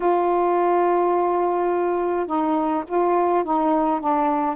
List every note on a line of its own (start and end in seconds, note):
0.00 2.26 F4
2.26 2.83 D#4
2.87 3.44 F4
3.44 4.00 D#4
4.00 4.55 D4